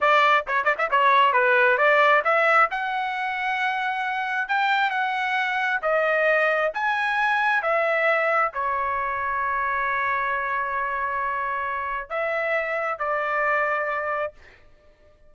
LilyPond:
\new Staff \with { instrumentName = "trumpet" } { \time 4/4 \tempo 4 = 134 d''4 cis''8 d''16 e''16 cis''4 b'4 | d''4 e''4 fis''2~ | fis''2 g''4 fis''4~ | fis''4 dis''2 gis''4~ |
gis''4 e''2 cis''4~ | cis''1~ | cis''2. e''4~ | e''4 d''2. | }